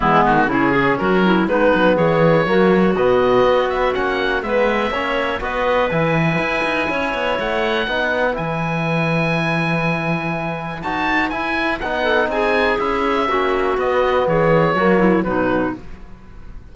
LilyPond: <<
  \new Staff \with { instrumentName = "oboe" } { \time 4/4 \tempo 4 = 122 e'8 fis'8 gis'4 ais'4 b'4 | cis''2 dis''4. e''8 | fis''4 e''2 dis''4 | gis''2. fis''4~ |
fis''4 gis''2.~ | gis''2 a''4 gis''4 | fis''4 gis''4 e''2 | dis''4 cis''2 b'4 | }
  \new Staff \with { instrumentName = "clarinet" } { \time 4/4 b4 e'8 gis'8 fis'8 e'8 dis'4 | gis'4 fis'2.~ | fis'4 b'4 cis''4 b'4~ | b'2 cis''2 |
b'1~ | b'1~ | b'8 a'8 gis'2 fis'4~ | fis'4 gis'4 fis'8 e'8 dis'4 | }
  \new Staff \with { instrumentName = "trombone" } { \time 4/4 gis4 cis'2 b4~ | b4 ais4 b2 | cis'4 b4 cis'4 fis'4 | e'1 |
dis'4 e'2.~ | e'2 fis'4 e'4 | dis'2 e'4 cis'4 | b2 ais4 fis4 | }
  \new Staff \with { instrumentName = "cello" } { \time 4/4 e8 dis8 cis4 fis4 gis8 fis8 | e4 fis4 b,4 b4 | ais4 gis4 ais4 b4 | e4 e'8 dis'8 cis'8 b8 a4 |
b4 e2.~ | e2 dis'4 e'4 | b4 c'4 cis'4 ais4 | b4 e4 fis4 b,4 | }
>>